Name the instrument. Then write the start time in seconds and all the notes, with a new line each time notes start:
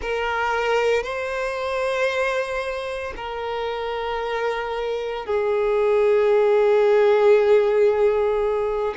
violin
0.01 A#4
1.03 C5
3.16 A#4
5.25 G#4